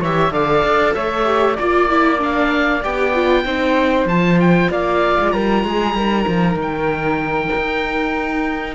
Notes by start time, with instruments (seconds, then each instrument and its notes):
0.00 cello E3, viola G4, flute C#5, oboe E5
0.31 cello D3, viola A4, flute D5, oboe F5
0.63 cello D4
0.94 cello A3, flute C#5, oboe E5
1.24 viola G4
1.55 cello A#3, viola F4, flute D5, oboe D5
1.89 viola E4
2.18 viola D4, oboe F5
2.83 cello B3, viola G4, oboe G5
3.14 viola F4
3.45 cello C4, viola D#4, flute C5
4.05 cello F3, viola F4, oboe A5
4.40 oboe G5
4.71 cello A#3, flute D5, oboe F5
5.20 cello G#3
5.31 cello G3, flute A#4, oboe A#5
5.63 cello G#3, flute G#4
5.93 cello G3, viola D#4, flute A#4
6.27 cello F3
6.55 cello D#3
6.61 oboe G5
7.55 cello D#4